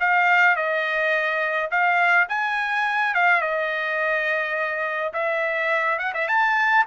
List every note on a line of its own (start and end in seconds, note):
0.00 0.56 F5
0.56 1.70 D#5
1.71 2.28 F5
2.29 3.14 G#5
3.14 3.41 F5
3.41 5.13 D#5
5.13 5.99 E5
5.99 6.13 F#5
6.14 6.28 E5
6.28 6.85 A5